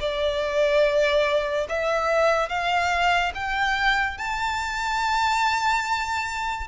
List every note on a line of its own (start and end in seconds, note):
0.00 1.67 D5
1.69 2.48 E5
2.48 3.32 F5
3.34 4.17 G5
4.17 6.67 A5